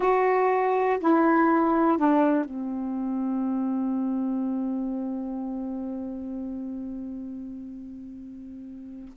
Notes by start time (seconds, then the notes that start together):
0.00 F#4
1.00 E4
1.98 D4
2.45 C4